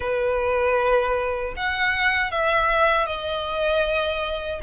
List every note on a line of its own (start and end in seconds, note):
0.00 1.54 B4
1.56 2.31 F#5
2.31 3.06 E5
3.06 4.60 D#5